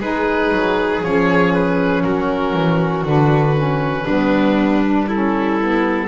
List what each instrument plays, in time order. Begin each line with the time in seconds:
0.00 double bass G#3, saxophone D#4, violin G#4, oboe B4
0.52 double bass F#3
1.03 double bass F3, saxophone C#4, oboe C#5
1.54 oboe B4
2.03 double bass F#3, violin F#4, oboe A#4
2.54 double bass E3
3.05 double bass D3, saxophone D4, oboe B4
3.57 saxophone C#4
4.04 double bass G3, saxophone B3, violin D4
4.85 saxophone D4
5.08 saxophone C#4, violin E4, oboe A4
5.60 saxophone B3